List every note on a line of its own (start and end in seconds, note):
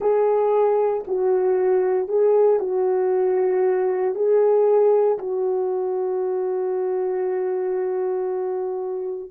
0.00 1.03 G#4
1.07 2.08 F#4
2.08 2.59 G#4
2.59 4.14 F#4
4.14 5.18 G#4
5.18 9.30 F#4